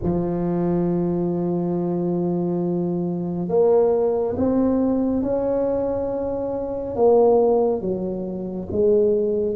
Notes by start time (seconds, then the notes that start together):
0.02 F3
3.48 A#3
4.36 C4
5.22 C#4
6.95 A#3
7.81 F#3
8.72 G#3